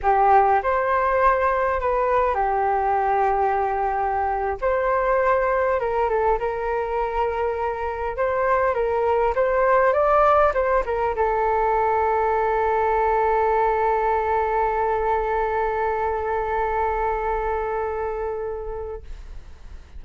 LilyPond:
\new Staff \with { instrumentName = "flute" } { \time 4/4 \tempo 4 = 101 g'4 c''2 b'4 | g'2.~ g'8. c''16~ | c''4.~ c''16 ais'8 a'8 ais'4~ ais'16~ | ais'4.~ ais'16 c''4 ais'4 c''16~ |
c''8. d''4 c''8 ais'8 a'4~ a'16~ | a'1~ | a'1~ | a'1 | }